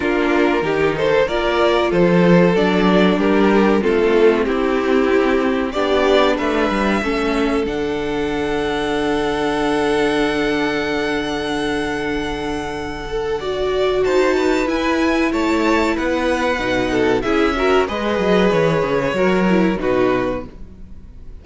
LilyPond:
<<
  \new Staff \with { instrumentName = "violin" } { \time 4/4 \tempo 4 = 94 ais'4. c''8 d''4 c''4 | d''4 ais'4 a'4 g'4~ | g'4 d''4 e''2 | fis''1~ |
fis''1~ | fis''2 a''4 gis''4 | a''4 fis''2 e''4 | dis''4 cis''2 b'4 | }
  \new Staff \with { instrumentName = "violin" } { \time 4/4 f'4 g'8 a'8 ais'4 a'4~ | a'4 g'4 f'4 e'4~ | e'4 g'4 b'4 a'4~ | a'1~ |
a'1~ | a'4 d''4 c''8 b'4. | cis''4 b'4. a'8 gis'8 ais'8 | b'2 ais'4 fis'4 | }
  \new Staff \with { instrumentName = "viola" } { \time 4/4 d'4 dis'4 f'2 | d'2 c'2~ | c'4 d'2 cis'4 | d'1~ |
d'1~ | d'8 a'8 fis'2 e'4~ | e'2 dis'4 e'8 fis'8 | gis'2 fis'8 e'8 dis'4 | }
  \new Staff \with { instrumentName = "cello" } { \time 4/4 ais4 dis4 ais4 f4 | fis4 g4 a4 c'4~ | c'4 b4 a8 g8 a4 | d1~ |
d1~ | d2 dis'4 e'4 | a4 b4 b,4 cis'4 | gis8 fis8 e8 cis8 fis4 b,4 | }
>>